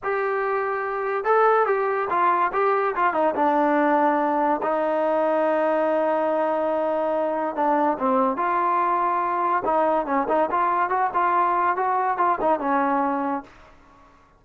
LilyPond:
\new Staff \with { instrumentName = "trombone" } { \time 4/4 \tempo 4 = 143 g'2. a'4 | g'4 f'4 g'4 f'8 dis'8 | d'2. dis'4~ | dis'1~ |
dis'2 d'4 c'4 | f'2. dis'4 | cis'8 dis'8 f'4 fis'8 f'4. | fis'4 f'8 dis'8 cis'2 | }